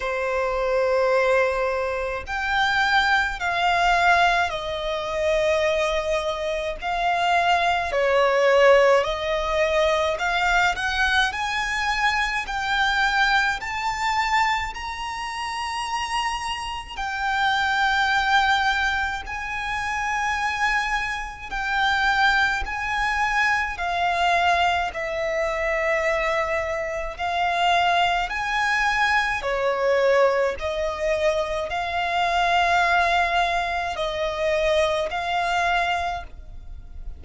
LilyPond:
\new Staff \with { instrumentName = "violin" } { \time 4/4 \tempo 4 = 53 c''2 g''4 f''4 | dis''2 f''4 cis''4 | dis''4 f''8 fis''8 gis''4 g''4 | a''4 ais''2 g''4~ |
g''4 gis''2 g''4 | gis''4 f''4 e''2 | f''4 gis''4 cis''4 dis''4 | f''2 dis''4 f''4 | }